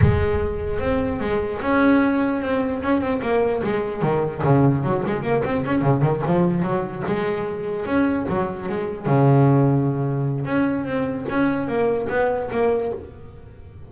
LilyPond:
\new Staff \with { instrumentName = "double bass" } { \time 4/4 \tempo 4 = 149 gis2 c'4 gis4 | cis'2 c'4 cis'8 c'8 | ais4 gis4 dis4 cis4 | fis8 gis8 ais8 c'8 cis'8 cis8 dis8 f8~ |
f8 fis4 gis2 cis'8~ | cis'8 fis4 gis4 cis4.~ | cis2 cis'4 c'4 | cis'4 ais4 b4 ais4 | }